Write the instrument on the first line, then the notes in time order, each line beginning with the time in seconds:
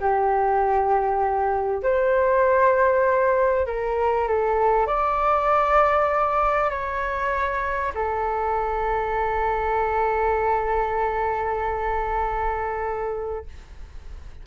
flute
0.00 G4
1.83 C5
3.67 A#4
4.28 A4
4.86 D5
6.70 C#5
7.95 A4